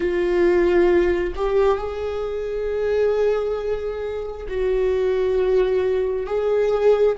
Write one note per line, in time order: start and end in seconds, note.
0.00 1.33 F4
1.35 1.77 G4
1.77 4.46 G#4
4.48 6.26 F#4
6.26 7.16 G#4